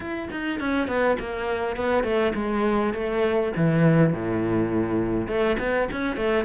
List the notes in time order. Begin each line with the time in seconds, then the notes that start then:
0.00 E4
0.31 D#4
0.60 C#4
0.87 B3
1.19 A#3
1.76 B3
2.03 A3
2.34 G#3
2.93 A3
3.56 E3
4.13 A2
5.27 A3
5.59 B3
5.91 C#4
6.16 A3